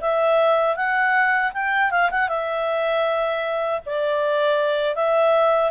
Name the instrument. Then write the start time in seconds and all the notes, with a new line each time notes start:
clarinet
0.00 E5
0.76 F#5
1.53 G5
1.91 F5
2.11 F#5
2.28 E5
3.85 D5
4.95 E5